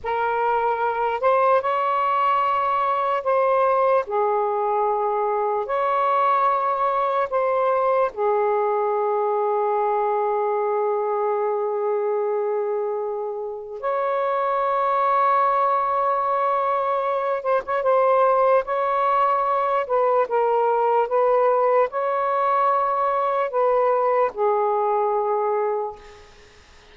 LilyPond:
\new Staff \with { instrumentName = "saxophone" } { \time 4/4 \tempo 4 = 74 ais'4. c''8 cis''2 | c''4 gis'2 cis''4~ | cis''4 c''4 gis'2~ | gis'1~ |
gis'4 cis''2.~ | cis''4. c''16 cis''16 c''4 cis''4~ | cis''8 b'8 ais'4 b'4 cis''4~ | cis''4 b'4 gis'2 | }